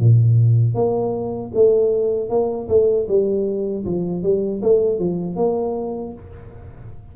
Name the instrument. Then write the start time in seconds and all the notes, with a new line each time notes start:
tuba
0.00 A#2
0.75 A#3
1.55 A3
2.30 A#3
2.69 A3
3.08 G3
3.86 F3
4.23 G3
4.63 A3
4.99 F3
5.36 A#3